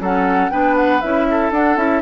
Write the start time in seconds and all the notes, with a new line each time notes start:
0.00 F#3 C#4 A4 F#5
0.50 B3 D4 B4 G5
0.76 F#5
1.01 C#4 E4 E5
1.31 A4
1.51 D4 F#5
1.76 C#4 E4 E5